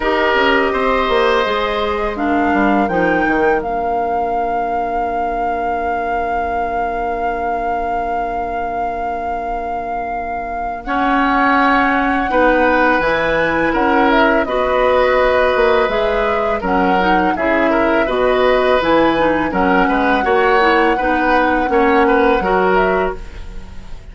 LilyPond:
<<
  \new Staff \with { instrumentName = "flute" } { \time 4/4 \tempo 4 = 83 dis''2. f''4 | g''4 f''2.~ | f''1~ | f''2. fis''4~ |
fis''2 gis''4 fis''8 e''8 | dis''2 e''4 fis''4 | e''4 dis''4 gis''4 fis''4~ | fis''2.~ fis''8 e''8 | }
  \new Staff \with { instrumentName = "oboe" } { \time 4/4 ais'4 c''2 ais'4~ | ais'1~ | ais'1~ | ais'2. cis''4~ |
cis''4 b'2 ais'4 | b'2. ais'4 | gis'8 ais'8 b'2 ais'8 b'8 | cis''4 b'4 cis''8 b'8 ais'4 | }
  \new Staff \with { instrumentName = "clarinet" } { \time 4/4 g'2 gis'4 d'4 | dis'4 d'2.~ | d'1~ | d'2. cis'4~ |
cis'4 dis'4 e'2 | fis'2 gis'4 cis'8 dis'8 | e'4 fis'4 e'8 dis'8 cis'4 | fis'8 e'8 dis'4 cis'4 fis'4 | }
  \new Staff \with { instrumentName = "bassoon" } { \time 4/4 dis'8 cis'8 c'8 ais8 gis4. g8 | f8 dis8 ais2.~ | ais1~ | ais1~ |
ais4 b4 e4 cis'4 | b4. ais8 gis4 fis4 | cis4 b,4 e4 fis8 gis8 | ais4 b4 ais4 fis4 | }
>>